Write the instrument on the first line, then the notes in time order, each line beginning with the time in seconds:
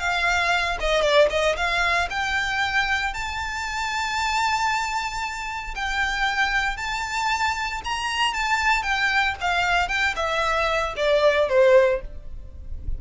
violin
0.00 F5
0.81 D#5
1.02 D5
1.31 D#5
1.57 F5
2.11 G5
3.14 A5
5.76 G5
6.77 A5
7.85 A#5
8.34 A5
8.83 G5
9.42 F5
9.89 G5
10.17 E5
10.97 D5
11.49 C5